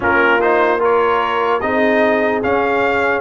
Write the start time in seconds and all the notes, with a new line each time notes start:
0.00 A#3 C#4 F4 A#4
0.40 D#4 C5
0.79 F4 A#4 C#5
1.60 C4 D#4 G#4 D#5
2.43 C#4 F5